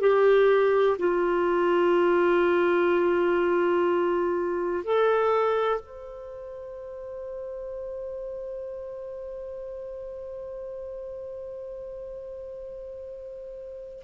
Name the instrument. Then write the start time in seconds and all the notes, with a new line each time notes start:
clarinet
0.00 G4
0.99 F4
4.84 A4
5.80 C5